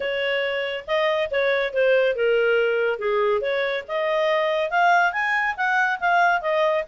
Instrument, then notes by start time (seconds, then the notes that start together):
clarinet
0.00 C#5
0.87 D#5
1.31 C#5
1.73 C5
2.15 A#4
2.98 G#4
3.41 C#5
3.88 D#5
4.70 F5
5.12 G#5
5.56 F#5
6.00 F5
6.41 D#5